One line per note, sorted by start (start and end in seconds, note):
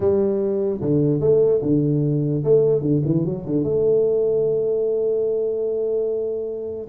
0.00 0.80 G3
0.81 1.20 D3
1.20 1.61 A3
1.62 2.43 D3
2.43 2.81 A3
2.81 3.01 D3
3.05 3.25 E3
3.25 3.45 F#3
3.45 3.63 D3
3.63 6.88 A3